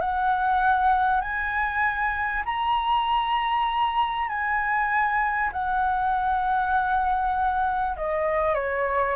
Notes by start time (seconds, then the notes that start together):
0.00 F#5
1.21 G#5
2.45 A#5
4.28 G#5
5.52 F#5
7.96 D#5
8.54 C#5